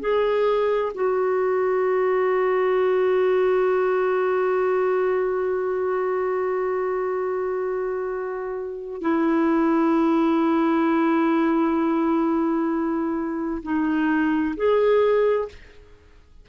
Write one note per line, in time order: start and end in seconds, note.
0.00 0.92 G#4
0.94 9.01 F#4
9.01 13.62 E4
13.63 14.55 D#4
14.56 15.49 G#4